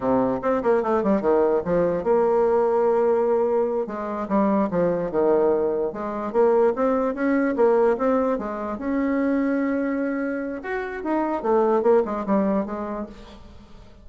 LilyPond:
\new Staff \with { instrumentName = "bassoon" } { \time 4/4 \tempo 4 = 147 c4 c'8 ais8 a8 g8 dis4 | f4 ais2.~ | ais4. gis4 g4 f8~ | f8 dis2 gis4 ais8~ |
ais8 c'4 cis'4 ais4 c'8~ | c'8 gis4 cis'2~ cis'8~ | cis'2 fis'4 dis'4 | a4 ais8 gis8 g4 gis4 | }